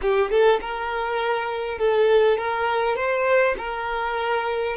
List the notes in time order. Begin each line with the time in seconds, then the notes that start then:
0.01 G4
0.30 A4
0.60 A#4
1.78 A4
2.37 A#4
2.95 C5
3.58 A#4